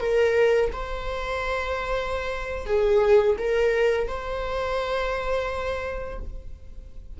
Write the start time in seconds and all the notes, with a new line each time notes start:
0.00 A#4
0.72 C5
2.66 G#4
3.38 A#4
4.07 C5